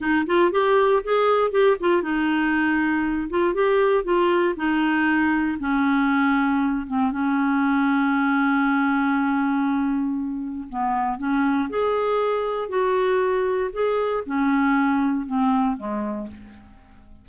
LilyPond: \new Staff \with { instrumentName = "clarinet" } { \time 4/4 \tempo 4 = 118 dis'8 f'8 g'4 gis'4 g'8 f'8 | dis'2~ dis'8 f'8 g'4 | f'4 dis'2 cis'4~ | cis'4. c'8 cis'2~ |
cis'1~ | cis'4 b4 cis'4 gis'4~ | gis'4 fis'2 gis'4 | cis'2 c'4 gis4 | }